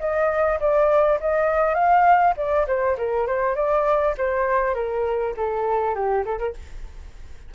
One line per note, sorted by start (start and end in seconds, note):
0.00 0.59 D#5
0.60 1.20 D5
1.21 1.75 D#5
1.75 2.34 F5
2.37 2.67 D5
2.68 2.97 C5
2.98 3.27 A#4
3.27 3.56 C5
3.56 4.15 D5
4.18 4.75 C5
4.75 5.34 A#4
5.37 5.95 A4
5.95 6.25 G4
6.25 6.39 A4
6.39 6.54 A#4